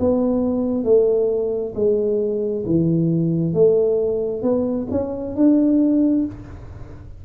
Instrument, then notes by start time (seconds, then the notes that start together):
tuba
0.00 B3
0.85 A3
1.75 G#3
2.66 E3
3.54 A3
4.43 B3
4.91 C#4
5.36 D4